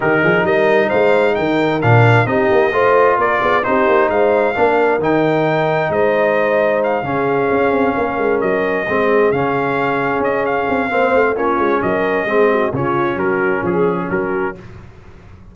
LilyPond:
<<
  \new Staff \with { instrumentName = "trumpet" } { \time 4/4 \tempo 4 = 132 ais'4 dis''4 f''4 g''4 | f''4 dis''2 d''4 | c''4 f''2 g''4~ | g''4 dis''2 f''4~ |
f''2~ f''8 dis''4.~ | dis''8 f''2 dis''8 f''4~ | f''4 cis''4 dis''2 | cis''4 ais'4 gis'4 ais'4 | }
  \new Staff \with { instrumentName = "horn" } { \time 4/4 g'8 gis'8 ais'4 c''4 ais'4~ | ais'4 g'4 c''4 ais'8 gis'8 | g'4 c''4 ais'2~ | ais'4 c''2~ c''8 gis'8~ |
gis'4. ais'2 gis'8~ | gis'1 | c''4 f'4 ais'4 gis'8 fis'8 | f'4 fis'4 gis'4 fis'4 | }
  \new Staff \with { instrumentName = "trombone" } { \time 4/4 dis'1 | d'4 dis'4 f'2 | dis'2 d'4 dis'4~ | dis'2.~ dis'8 cis'8~ |
cis'2.~ cis'8 c'8~ | c'8 cis'2.~ cis'8 | c'4 cis'2 c'4 | cis'1 | }
  \new Staff \with { instrumentName = "tuba" } { \time 4/4 dis8 f8 g4 gis4 dis4 | ais,4 c'8 ais8 a4 ais8 b8 | c'8 ais8 gis4 ais4 dis4~ | dis4 gis2~ gis8 cis8~ |
cis8 cis'8 c'8 ais8 gis8 fis4 gis8~ | gis8 cis2 cis'4 c'8 | ais8 a8 ais8 gis8 fis4 gis4 | cis4 fis4 f4 fis4 | }
>>